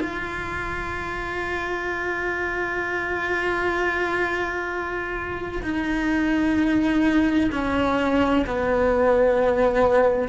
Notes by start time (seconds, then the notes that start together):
0.00 F4
5.63 D#4
7.52 C#4
8.47 B3